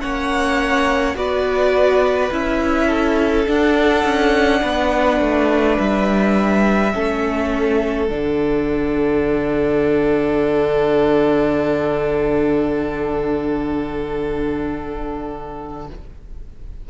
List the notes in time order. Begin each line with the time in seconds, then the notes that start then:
0.00 A#3 C#4 C#5 F#5
1.14 B3 F#4 B4 D5
2.31 C#4 E4 E5
2.87 A4
3.46 D4 F#5
4.04 C#4
4.61 B3 B4
5.20 A3
5.77 G3 E5
6.93 A3 C#4 A4
8.08 D3 D4 F#5